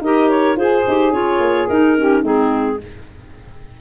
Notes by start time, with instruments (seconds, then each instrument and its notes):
0.00 tuba D#4, clarinet G4 D#5, saxophone A#4
0.29 clarinet C#5
0.56 tuba F4, clarinet G#4 C5, saxophone G#4
0.87 tuba D#4, clarinet G4
1.12 tuba C#4, clarinet F4 C#5
1.39 tuba A#3
1.67 tuba D#4, clarinet D#4 A#4
1.97 clarinet C#4, saxophone G4
2.22 tuba G#3, clarinet C4 G#4, saxophone D#4